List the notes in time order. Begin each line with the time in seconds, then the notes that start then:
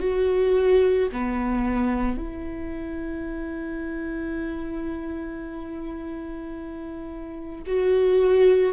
0.00 F#4
1.13 B3
2.18 E4
7.67 F#4